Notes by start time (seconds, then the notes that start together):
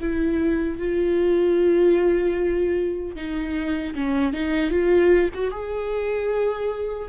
0.00 E4
0.79 F4
3.15 D#4
3.94 C#4
4.33 D#4
4.70 F4
5.34 F#4
5.50 G#4